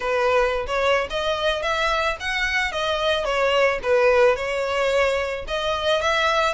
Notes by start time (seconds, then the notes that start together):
0.00 B4
0.66 C#5
1.10 D#5
1.62 E5
2.20 F#5
2.71 D#5
3.25 C#5
3.82 B4
4.36 C#5
5.47 D#5
6.01 E5